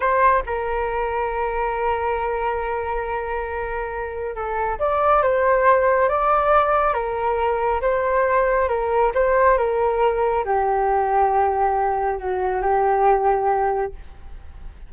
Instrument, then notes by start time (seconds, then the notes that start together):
flute
0.00 C5
0.46 A#4
4.35 A4
4.79 D5
5.22 C5
6.08 D5
6.93 A#4
7.81 C5
8.68 A#4
9.14 C5
9.57 A#4
10.44 G4
12.18 F#4
12.62 G4